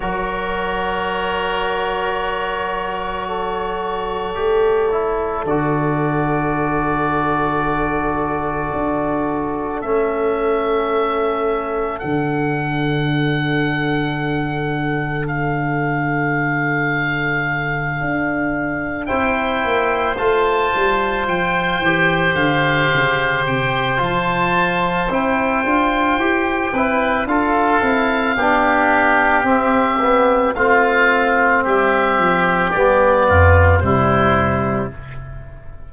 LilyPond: <<
  \new Staff \with { instrumentName = "oboe" } { \time 4/4 \tempo 4 = 55 cis''1~ | cis''4 d''2.~ | d''4 e''2 fis''4~ | fis''2 f''2~ |
f''4. g''4 a''4 g''8~ | g''8 f''4 g''8 a''4 g''4~ | g''4 f''2 e''4 | f''4 e''4 d''4 c''4 | }
  \new Staff \with { instrumentName = "oboe" } { \time 4/4 ais'2. a'4~ | a'1~ | a'1~ | a'1~ |
a'4. c''2~ c''8~ | c''1~ | c''8 b'8 a'4 g'2 | f'4 g'4. f'8 e'4 | }
  \new Staff \with { instrumentName = "trombone" } { \time 4/4 fis'1 | g'8 e'8 fis'2.~ | fis'4 cis'2 d'4~ | d'1~ |
d'4. e'4 f'4. | g'2 f'4 e'8 f'8 | g'8 e'8 f'8 e'8 d'4 c'8 b8 | c'2 b4 g4 | }
  \new Staff \with { instrumentName = "tuba" } { \time 4/4 fis1 | a4 d2. | d'4 a2 d4~ | d1~ |
d8 d'4 c'8 ais8 a8 g8 f8 | e8 d8 cis8 c8 f4 c'8 d'8 | e'8 c'8 d'8 c'8 b4 c'4 | a4 g8 f8 g8 f,8 c4 | }
>>